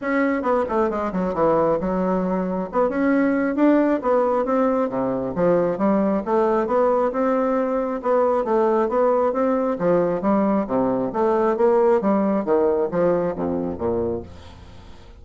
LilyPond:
\new Staff \with { instrumentName = "bassoon" } { \time 4/4 \tempo 4 = 135 cis'4 b8 a8 gis8 fis8 e4 | fis2 b8 cis'4. | d'4 b4 c'4 c4 | f4 g4 a4 b4 |
c'2 b4 a4 | b4 c'4 f4 g4 | c4 a4 ais4 g4 | dis4 f4 f,4 ais,4 | }